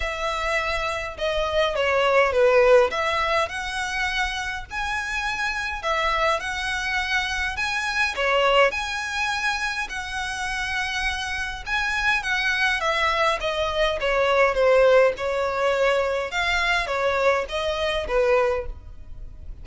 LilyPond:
\new Staff \with { instrumentName = "violin" } { \time 4/4 \tempo 4 = 103 e''2 dis''4 cis''4 | b'4 e''4 fis''2 | gis''2 e''4 fis''4~ | fis''4 gis''4 cis''4 gis''4~ |
gis''4 fis''2. | gis''4 fis''4 e''4 dis''4 | cis''4 c''4 cis''2 | f''4 cis''4 dis''4 b'4 | }